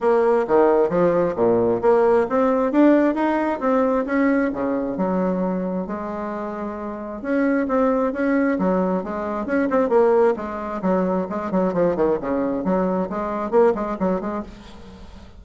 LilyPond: \new Staff \with { instrumentName = "bassoon" } { \time 4/4 \tempo 4 = 133 ais4 dis4 f4 ais,4 | ais4 c'4 d'4 dis'4 | c'4 cis'4 cis4 fis4~ | fis4 gis2. |
cis'4 c'4 cis'4 fis4 | gis4 cis'8 c'8 ais4 gis4 | fis4 gis8 fis8 f8 dis8 cis4 | fis4 gis4 ais8 gis8 fis8 gis8 | }